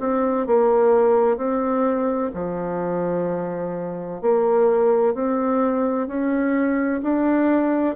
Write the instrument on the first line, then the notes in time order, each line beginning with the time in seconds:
bassoon
0.00 C4
0.47 A#3
1.37 C4
2.34 F3
4.22 A#3
5.14 C4
6.08 C#4
7.03 D4